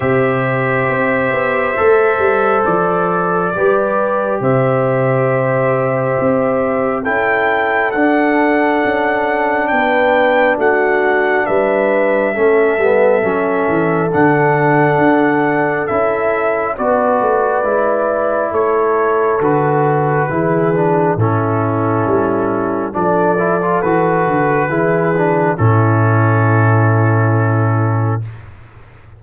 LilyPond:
<<
  \new Staff \with { instrumentName = "trumpet" } { \time 4/4 \tempo 4 = 68 e''2. d''4~ | d''4 e''2. | g''4 fis''2 g''4 | fis''4 e''2. |
fis''2 e''4 d''4~ | d''4 cis''4 b'2 | a'2 d''4 b'4~ | b'4 a'2. | }
  \new Staff \with { instrumentName = "horn" } { \time 4/4 c''1 | b'4 c''2. | a'2. b'4 | fis'4 b'4 a'2~ |
a'2. b'4~ | b'4 a'2 gis'4 | e'2 a'2 | gis'4 e'2. | }
  \new Staff \with { instrumentName = "trombone" } { \time 4/4 g'2 a'2 | g'1 | e'4 d'2.~ | d'2 cis'8 b8 cis'4 |
d'2 e'4 fis'4 | e'2 fis'4 e'8 d'8 | cis'2 d'8 e'16 f'16 fis'4 | e'8 d'8 cis'2. | }
  \new Staff \with { instrumentName = "tuba" } { \time 4/4 c4 c'8 b8 a8 g8 f4 | g4 c2 c'4 | cis'4 d'4 cis'4 b4 | a4 g4 a8 g8 fis8 e8 |
d4 d'4 cis'4 b8 a8 | gis4 a4 d4 e4 | a,4 g4 f4 e8 d8 | e4 a,2. | }
>>